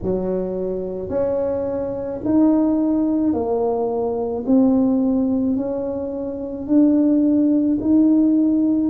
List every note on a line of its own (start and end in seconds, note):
0.02 1.09 F#3
1.09 2.20 C#4
2.24 3.33 D#4
3.33 4.44 A#3
4.46 5.56 C4
5.56 6.67 C#4
6.67 7.78 D4
7.80 8.90 D#4